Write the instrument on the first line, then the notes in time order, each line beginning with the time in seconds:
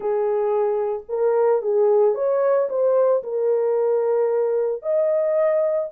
horn
0.00 G#4
1.08 A#4
1.61 G#4
2.14 C#5
2.69 C5
3.23 A#4
4.82 D#5